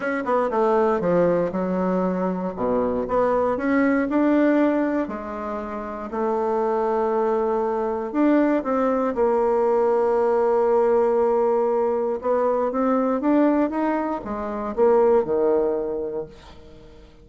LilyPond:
\new Staff \with { instrumentName = "bassoon" } { \time 4/4 \tempo 4 = 118 cis'8 b8 a4 f4 fis4~ | fis4 b,4 b4 cis'4 | d'2 gis2 | a1 |
d'4 c'4 ais2~ | ais1 | b4 c'4 d'4 dis'4 | gis4 ais4 dis2 | }